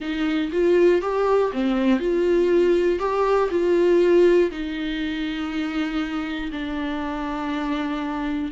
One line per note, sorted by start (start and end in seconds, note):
0.00 0.50 D#4
0.52 1.01 F4
1.01 1.51 G4
1.52 1.99 C4
1.99 2.99 F4
2.99 3.49 G4
3.50 4.50 F4
4.50 6.50 D#4
6.51 8.51 D4